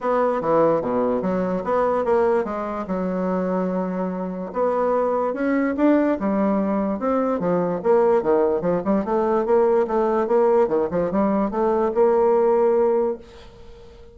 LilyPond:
\new Staff \with { instrumentName = "bassoon" } { \time 4/4 \tempo 4 = 146 b4 e4 b,4 fis4 | b4 ais4 gis4 fis4~ | fis2. b4~ | b4 cis'4 d'4 g4~ |
g4 c'4 f4 ais4 | dis4 f8 g8 a4 ais4 | a4 ais4 dis8 f8 g4 | a4 ais2. | }